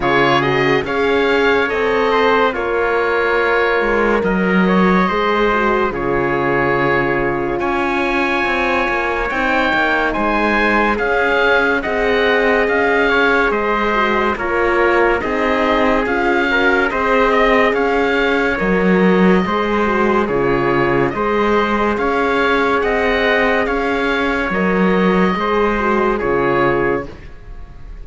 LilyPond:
<<
  \new Staff \with { instrumentName = "oboe" } { \time 4/4 \tempo 4 = 71 cis''8 dis''8 f''4 dis''4 cis''4~ | cis''4 dis''2 cis''4~ | cis''4 gis''2 g''4 | gis''4 f''4 fis''4 f''4 |
dis''4 cis''4 dis''4 f''4 | dis''4 f''4 dis''2 | cis''4 dis''4 f''4 fis''4 | f''4 dis''2 cis''4 | }
  \new Staff \with { instrumentName = "trumpet" } { \time 4/4 gis'4 cis''4. c''8 f'4~ | f'4 ais'8 cis''8 c''4 gis'4~ | gis'4 cis''2. | c''4 gis'4 dis''4. cis''8 |
c''4 ais'4 gis'4. ais'8 | c''8 dis''8 cis''2 c''4 | gis'4 c''4 cis''4 dis''4 | cis''2 c''4 gis'4 | }
  \new Staff \with { instrumentName = "horn" } { \time 4/4 f'8 fis'8 gis'4 a'4 ais'4~ | ais'2 gis'8 fis'8 f'4~ | f'2. dis'4~ | dis'4 cis'4 gis'2~ |
gis'8 fis'8 f'4 dis'4 f'8 fis'8 | gis'2 ais'4 gis'8 fis'8 | f'4 gis'2.~ | gis'4 ais'4 gis'8 fis'8 f'4 | }
  \new Staff \with { instrumentName = "cello" } { \time 4/4 cis4 cis'4 c'4 ais4~ | ais8 gis8 fis4 gis4 cis4~ | cis4 cis'4 c'8 ais8 c'8 ais8 | gis4 cis'4 c'4 cis'4 |
gis4 ais4 c'4 cis'4 | c'4 cis'4 fis4 gis4 | cis4 gis4 cis'4 c'4 | cis'4 fis4 gis4 cis4 | }
>>